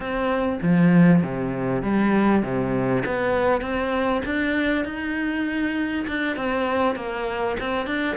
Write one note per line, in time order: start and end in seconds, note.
0.00 0.59 C4
0.62 1.23 F3
1.23 1.82 C3
1.82 2.42 G3
2.42 3.03 C3
3.05 3.61 B3
3.61 4.21 C4
4.25 4.85 D4
4.85 6.06 D#4
6.07 6.36 D4
6.36 6.95 C4
6.95 7.56 A#3
7.60 7.86 C4
7.86 8.16 D4